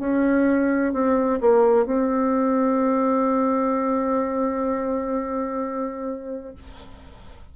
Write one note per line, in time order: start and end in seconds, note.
0.00 0.93 C#4
0.93 1.40 C4
1.41 1.86 A#3
1.86 6.55 C4